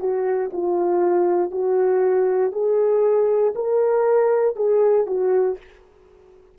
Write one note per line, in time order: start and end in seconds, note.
0.00 0.51 F#4
0.53 1.52 F4
1.52 2.52 F#4
2.52 3.54 G#4
3.55 4.56 A#4
4.56 5.07 G#4
5.07 5.57 F#4